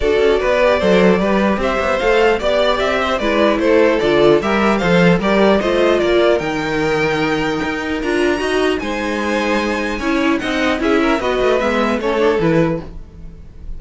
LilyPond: <<
  \new Staff \with { instrumentName = "violin" } { \time 4/4 \tempo 4 = 150 d''1 | e''4 f''4 d''4 e''4 | d''4 c''4 d''4 e''4 | f''4 d''4 dis''4 d''4 |
g''1 | ais''2 gis''2~ | gis''2 fis''4 e''4 | dis''4 e''4 cis''4 b'4 | }
  \new Staff \with { instrumentName = "violin" } { \time 4/4 a'4 b'4 c''4 b'4 | c''2 d''4. c''8 | b'4 a'2 ais'4 | c''4 ais'4 c''4 ais'4~ |
ais'1~ | ais'4 dis''4 c''2~ | c''4 cis''4 dis''4 gis'8 ais'8 | b'2 a'2 | }
  \new Staff \with { instrumentName = "viola" } { \time 4/4 fis'4. g'8 a'4 g'4~ | g'4 a'4 g'2 | e'2 f'4 g'4 | a'4 g'4 f'2 |
dis'1 | f'4 fis'4 dis'2~ | dis'4 e'4 dis'4 e'4 | fis'4 b4 cis'8 d'8 e'4 | }
  \new Staff \with { instrumentName = "cello" } { \time 4/4 d'8 cis'8 b4 fis4 g4 | c'8 b8 a4 b4 c'4 | gis4 a4 d4 g4 | f4 g4 a4 ais4 |
dis2. dis'4 | d'4 dis'4 gis2~ | gis4 cis'4 c'4 cis'4 | b8 a8 gis4 a4 e4 | }
>>